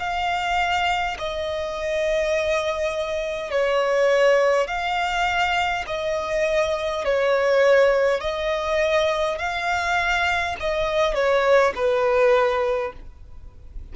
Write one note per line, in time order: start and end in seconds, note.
0.00 1.18 F5
1.19 3.51 D#5
3.51 4.67 C#5
4.67 5.85 F5
5.88 7.05 D#5
7.05 8.21 C#5
8.21 9.39 D#5
9.39 10.56 F5
10.60 11.15 D#5
11.15 11.74 C#5
11.76 12.94 B4